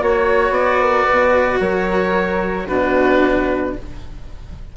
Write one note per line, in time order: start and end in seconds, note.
0.00 0.50 A#3
0.00 2.68 F#4
0.00 0.53 C#5
0.00 0.81 C#5
0.50 1.04 B3
0.50 1.60 D5
0.81 1.06 A#4
1.06 1.60 B2
1.06 1.60 B4
1.60 2.67 F#3
1.60 2.66 A#4
1.60 2.68 C#5
2.66 3.77 B2
2.66 3.76 D4
2.66 3.73 F#4
2.66 3.75 B4